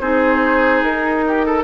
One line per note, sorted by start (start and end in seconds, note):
0.00 0.82 C4
0.00 1.64 D#4
0.00 1.25 G#4
0.00 0.83 C5
0.83 1.64 D#4
0.83 1.64 A#4
1.28 1.46 G4
1.46 1.64 A4